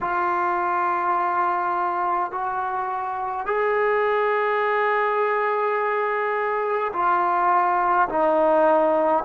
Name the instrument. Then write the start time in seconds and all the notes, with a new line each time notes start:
trombone
0.00 F4
2.31 F#4
3.46 G#4
6.92 F4
8.08 D#4